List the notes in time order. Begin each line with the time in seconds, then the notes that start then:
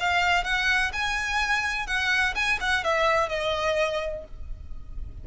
0.00 F5
0.44 F#5
0.93 G#5
1.87 F#5
2.35 G#5
2.60 F#5
2.84 E5
3.29 D#5